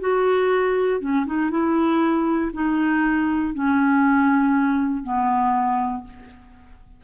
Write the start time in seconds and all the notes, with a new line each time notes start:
0.00 F#4
1.00 C#4
1.26 D#4
1.51 E4
2.53 D#4
3.54 C#4
5.03 B3